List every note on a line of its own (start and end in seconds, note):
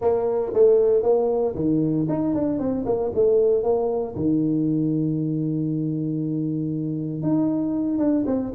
0.01 0.52 A#3
0.53 1.03 A3
1.03 1.54 A#3
1.55 2.07 D#3
2.09 2.34 D#4
2.34 2.59 D4
2.59 2.84 C4
2.85 3.11 A#3
3.15 3.63 A3
3.63 4.14 A#3
4.15 7.22 D#3
7.22 7.98 D#4
7.98 8.24 D4
8.26 8.52 C4